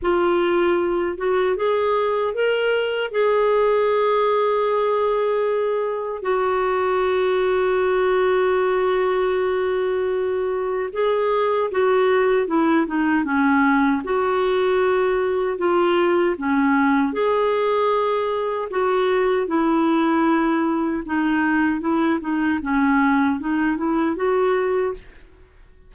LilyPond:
\new Staff \with { instrumentName = "clarinet" } { \time 4/4 \tempo 4 = 77 f'4. fis'8 gis'4 ais'4 | gis'1 | fis'1~ | fis'2 gis'4 fis'4 |
e'8 dis'8 cis'4 fis'2 | f'4 cis'4 gis'2 | fis'4 e'2 dis'4 | e'8 dis'8 cis'4 dis'8 e'8 fis'4 | }